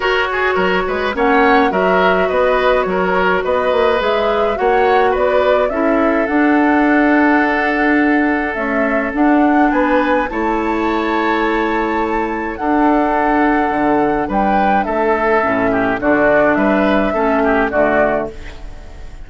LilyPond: <<
  \new Staff \with { instrumentName = "flute" } { \time 4/4 \tempo 4 = 105 cis''2 fis''4 e''4 | dis''4 cis''4 dis''4 e''4 | fis''4 d''4 e''4 fis''4~ | fis''2. e''4 |
fis''4 gis''4 a''2~ | a''2 fis''2~ | fis''4 g''4 e''2 | d''4 e''2 d''4 | }
  \new Staff \with { instrumentName = "oboe" } { \time 4/4 ais'8 gis'8 ais'8 b'8 cis''4 ais'4 | b'4 ais'4 b'2 | cis''4 b'4 a'2~ | a'1~ |
a'4 b'4 cis''2~ | cis''2 a'2~ | a'4 b'4 a'4. g'8 | fis'4 b'4 a'8 g'8 fis'4 | }
  \new Staff \with { instrumentName = "clarinet" } { \time 4/4 fis'2 cis'4 fis'4~ | fis'2. gis'4 | fis'2 e'4 d'4~ | d'2. a4 |
d'2 e'2~ | e'2 d'2~ | d'2. cis'4 | d'2 cis'4 a4 | }
  \new Staff \with { instrumentName = "bassoon" } { \time 4/4 fis'4 fis8 gis8 ais4 fis4 | b4 fis4 b8 ais8 gis4 | ais4 b4 cis'4 d'4~ | d'2. cis'4 |
d'4 b4 a2~ | a2 d'2 | d4 g4 a4 a,4 | d4 g4 a4 d4 | }
>>